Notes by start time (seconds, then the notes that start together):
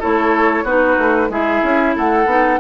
0.00 A3 E4 A4 C#5
0.64 B3 D#4 F#4 B4
0.99 A3
1.30 G#3 E4 G#4 E5
1.63 C#4
1.96 A3 A4 F#5
2.26 B3 D#4